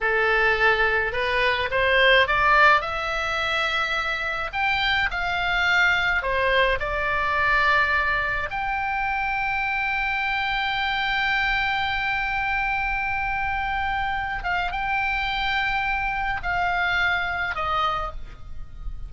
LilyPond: \new Staff \with { instrumentName = "oboe" } { \time 4/4 \tempo 4 = 106 a'2 b'4 c''4 | d''4 e''2. | g''4 f''2 c''4 | d''2. g''4~ |
g''1~ | g''1~ | g''4. f''8 g''2~ | g''4 f''2 dis''4 | }